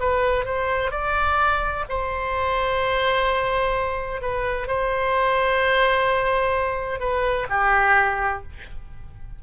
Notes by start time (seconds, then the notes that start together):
0.00 B4
0.45 C5
0.91 D5
1.89 C5
4.21 B4
4.67 C5
7.00 B4
7.50 G4